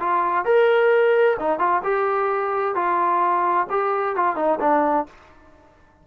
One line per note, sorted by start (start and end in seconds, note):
0.00 0.45 F4
0.45 1.37 A#4
1.40 1.59 D#4
1.59 1.82 F4
1.84 2.75 G4
2.75 3.68 F4
3.70 4.16 G4
4.16 4.36 F4
4.36 4.59 D#4
4.60 5.07 D4